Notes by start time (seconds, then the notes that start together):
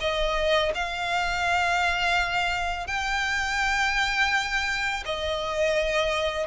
0.00 D#5
0.74 F5
2.87 G5
5.05 D#5